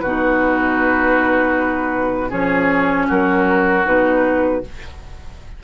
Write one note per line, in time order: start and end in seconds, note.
0.00 2.33 B2
0.00 2.30 D#4
0.00 2.30 F#4
0.00 2.31 B4
2.30 3.09 F3
2.30 3.84 C#4
2.30 3.07 G#4
2.30 3.08 C#5
3.08 3.86 F#3
3.08 4.62 F#4
3.08 3.87 A#4
3.85 4.63 B2
3.85 4.62 D#4
3.85 4.64 B4